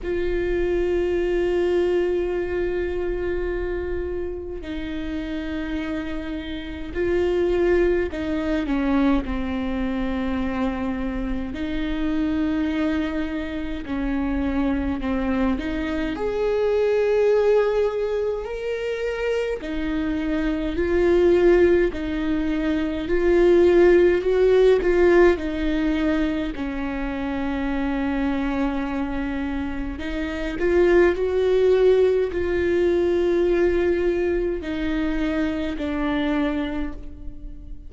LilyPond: \new Staff \with { instrumentName = "viola" } { \time 4/4 \tempo 4 = 52 f'1 | dis'2 f'4 dis'8 cis'8 | c'2 dis'2 | cis'4 c'8 dis'8 gis'2 |
ais'4 dis'4 f'4 dis'4 | f'4 fis'8 f'8 dis'4 cis'4~ | cis'2 dis'8 f'8 fis'4 | f'2 dis'4 d'4 | }